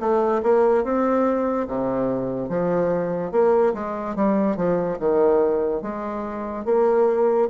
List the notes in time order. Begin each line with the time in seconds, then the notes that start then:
0.00 A3
0.43 A#3
0.84 C4
1.68 C3
2.49 F3
3.32 A#3
3.74 G#3
4.16 G3
4.57 F3
5.00 D#3
5.82 G#3
6.65 A#3